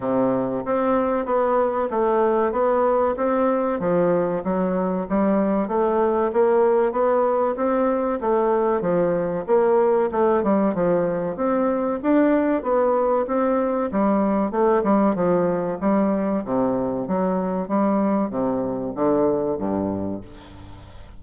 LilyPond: \new Staff \with { instrumentName = "bassoon" } { \time 4/4 \tempo 4 = 95 c4 c'4 b4 a4 | b4 c'4 f4 fis4 | g4 a4 ais4 b4 | c'4 a4 f4 ais4 |
a8 g8 f4 c'4 d'4 | b4 c'4 g4 a8 g8 | f4 g4 c4 fis4 | g4 c4 d4 g,4 | }